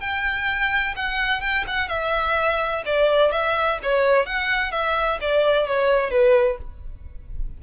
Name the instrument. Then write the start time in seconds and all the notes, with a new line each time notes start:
violin
0.00 G5
0.96 F#5
1.41 G5
1.67 F#5
1.88 E5
2.85 D5
3.31 E5
3.83 C#5
4.26 F#5
4.72 E5
5.21 D5
5.67 C#5
6.10 B4